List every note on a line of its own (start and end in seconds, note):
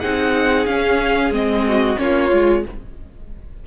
0.00 0.67 C4
0.00 0.68 D#4
0.00 1.65 G#4
0.00 0.66 F#5
0.66 1.31 C#4
0.66 1.33 C#4
0.66 1.32 F5
1.31 1.97 G#3
1.31 1.97 C4
1.31 1.98 D#5
1.68 2.01 F#4
1.97 2.33 A#3
1.97 2.30 C#4
1.97 2.67 F4
1.97 2.64 C#5
2.30 2.66 G#3
2.30 2.63 F4